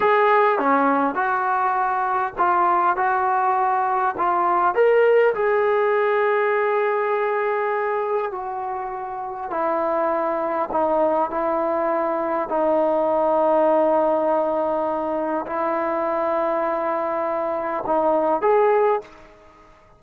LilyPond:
\new Staff \with { instrumentName = "trombone" } { \time 4/4 \tempo 4 = 101 gis'4 cis'4 fis'2 | f'4 fis'2 f'4 | ais'4 gis'2.~ | gis'2 fis'2 |
e'2 dis'4 e'4~ | e'4 dis'2.~ | dis'2 e'2~ | e'2 dis'4 gis'4 | }